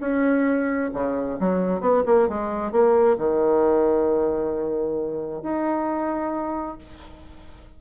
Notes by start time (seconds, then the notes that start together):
0.00 C#4
0.94 C#3
1.40 F#3
1.80 B3
2.06 A#3
2.28 G#3
2.72 A#3
3.18 D#3
5.42 D#4